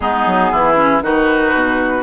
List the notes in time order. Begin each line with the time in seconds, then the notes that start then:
0.00 G#3 B3 D#4 G#4
0.25 F#3
0.51 E3 E4
0.75 C#4
1.01 D#3 D#4 F#4 B4
1.53 B2